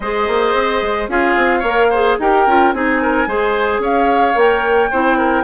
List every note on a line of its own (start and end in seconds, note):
0.00 0.27 G#3
0.00 1.09 G#4
0.00 1.10 C5
0.00 1.08 D#5
0.27 0.53 A#3
0.53 0.81 C4
0.82 1.08 G#3
1.08 1.35 C#4
1.08 1.63 F4
1.08 1.59 G#4
1.08 2.18 F5
1.36 1.62 C4
1.59 2.17 A#3
1.59 1.92 A#4
1.59 1.86 C#5
1.90 2.21 G#4
1.90 2.17 C5
2.18 2.46 D#4
2.18 2.48 G4
2.18 2.75 A#4
2.18 2.72 G5
2.46 2.73 C#4
2.46 2.74 F4
2.72 3.26 C4
2.72 3.27 D#4
2.72 3.01 G#4
2.72 3.81 G#5
3.01 3.28 A#4
3.26 3.78 G#3
3.26 4.34 G#4
3.26 3.81 C5
3.78 4.33 C#4
3.78 4.90 C#5
3.78 4.38 F5
4.34 4.90 A#3
4.34 4.89 A#4
4.34 5.43 G5
4.90 5.43 C4
4.90 5.43 E4
4.90 5.17 C5
5.17 5.43 A#4